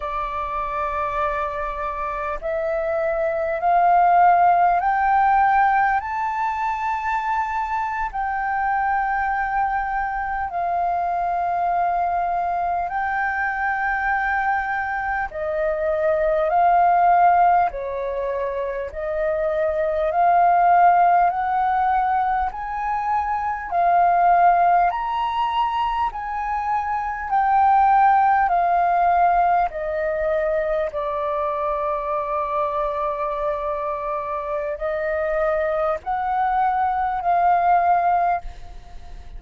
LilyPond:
\new Staff \with { instrumentName = "flute" } { \time 4/4 \tempo 4 = 50 d''2 e''4 f''4 | g''4 a''4.~ a''16 g''4~ g''16~ | g''8. f''2 g''4~ g''16~ | g''8. dis''4 f''4 cis''4 dis''16~ |
dis''8. f''4 fis''4 gis''4 f''16~ | f''8. ais''4 gis''4 g''4 f''16~ | f''8. dis''4 d''2~ d''16~ | d''4 dis''4 fis''4 f''4 | }